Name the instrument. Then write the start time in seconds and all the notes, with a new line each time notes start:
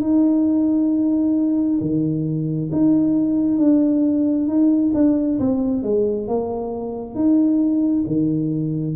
tuba
0.00 D#4
1.80 D#3
2.72 D#4
3.57 D4
4.47 D#4
4.94 D4
5.39 C4
5.82 G#3
6.27 A#3
7.14 D#4
8.06 D#3